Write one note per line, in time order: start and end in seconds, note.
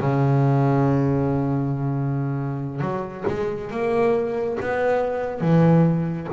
0.00 2.81 C#3
2.81 3.24 F#3
3.27 3.70 G#3
3.71 4.58 A#3
4.60 5.41 B3
5.41 6.28 E3